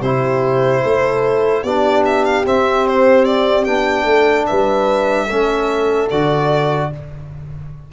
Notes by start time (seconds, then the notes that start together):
0.00 C3 E4 G4 C5
0.83 A3 A4
1.62 B3 D4 G4 D5
2.05 E5
2.24 F5
2.45 C4 E5
2.87 C5
3.24 D5
3.64 B3 D4 G5
4.04 A3 A4
4.46 G3 B4 E5
5.26 A3 C#4 A4
6.10 D3 F#4 D5